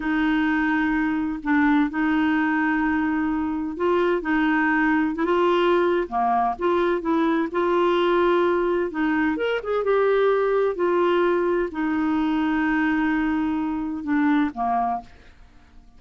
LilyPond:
\new Staff \with { instrumentName = "clarinet" } { \time 4/4 \tempo 4 = 128 dis'2. d'4 | dis'1 | f'4 dis'2 e'16 f'8.~ | f'4 ais4 f'4 e'4 |
f'2. dis'4 | ais'8 gis'8 g'2 f'4~ | f'4 dis'2.~ | dis'2 d'4 ais4 | }